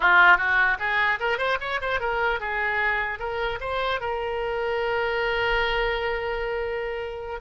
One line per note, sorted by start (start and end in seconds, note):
0.00 0.37 F4
0.37 0.77 F#4
0.79 1.19 G#4
1.19 1.37 A#4
1.37 1.57 C5
1.60 1.80 C#5
1.81 2.00 C5
2.00 2.39 A#4
2.39 3.19 G#4
3.19 3.59 A#4
3.60 4.00 C5
4.00 7.40 A#4